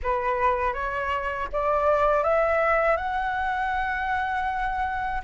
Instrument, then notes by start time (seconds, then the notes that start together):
flute
0.02 B4
0.73 C#5
1.52 D5
2.23 E5
2.97 F#5